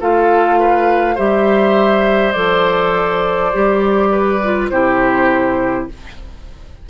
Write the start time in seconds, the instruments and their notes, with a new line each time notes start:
0.00 bassoon A3, clarinet F4, oboe A4, flute F5
0.59 oboe B4
1.14 bassoon G3, clarinet G4, oboe C5, flute E5
2.32 bassoon F3, clarinet A4, flute D5
3.52 bassoon G3, clarinet G4
4.11 oboe B4
4.43 clarinet F4
4.69 bassoon C3, clarinet E4, oboe G4, flute C5